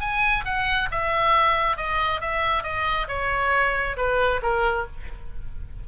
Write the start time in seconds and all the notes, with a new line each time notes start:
0.00 G#5
0.45 F#5
0.91 E5
1.77 D#5
2.21 E5
2.63 D#5
3.08 C#5
3.97 B4
4.42 A#4